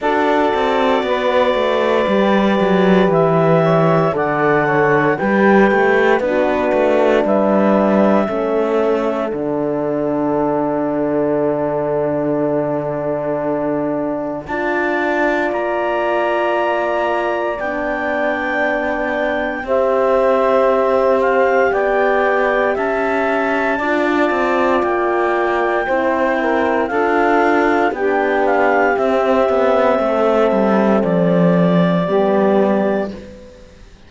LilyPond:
<<
  \new Staff \with { instrumentName = "clarinet" } { \time 4/4 \tempo 4 = 58 d''2. e''4 | fis''4 g''4 b'4 e''4~ | e''4 fis''2.~ | fis''2 a''4 ais''4~ |
ais''4 g''2 e''4~ | e''8 f''8 g''4 a''2 | g''2 f''4 g''8 f''8 | e''2 d''2 | }
  \new Staff \with { instrumentName = "saxophone" } { \time 4/4 a'4 b'2~ b'8 cis''8 | d''8 cis''8 b'4 fis'4 b'4 | a'1~ | a'2 d''2~ |
d''2. c''4~ | c''4 d''4 e''4 d''4~ | d''4 c''8 ais'8 a'4 g'4~ | g'4 a'2 g'4 | }
  \new Staff \with { instrumentName = "horn" } { \time 4/4 fis'2 g'2 | a'4 g'4 d'2 | cis'4 d'2.~ | d'2 f'2~ |
f'4 d'2 g'4~ | g'2. f'4~ | f'4 e'4 f'4 d'4 | c'2. b4 | }
  \new Staff \with { instrumentName = "cello" } { \time 4/4 d'8 c'8 b8 a8 g8 fis8 e4 | d4 g8 a8 b8 a8 g4 | a4 d2.~ | d2 d'4 ais4~ |
ais4 b2 c'4~ | c'4 b4 cis'4 d'8 c'8 | ais4 c'4 d'4 b4 | c'8 b8 a8 g8 f4 g4 | }
>>